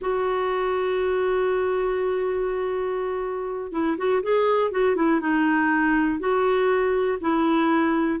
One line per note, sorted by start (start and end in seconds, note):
0.01 3.71 F#4
3.71 3.96 E4
3.97 4.22 F#4
4.22 4.71 G#4
4.71 4.95 F#4
4.95 5.20 E4
5.20 6.19 D#4
6.19 7.18 F#4
7.20 8.20 E4